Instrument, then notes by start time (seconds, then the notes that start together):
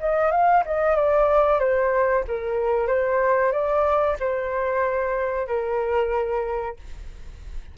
flute
0.00 D#5
0.31 F5
0.66 D#5
0.96 D5
1.60 C5
2.28 A#4
2.88 C5
3.52 D5
4.20 C5
5.48 A#4